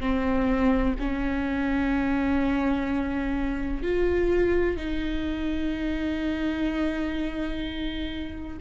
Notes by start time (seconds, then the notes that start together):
0.00 C4
1.00 C#4
3.83 F4
4.77 D#4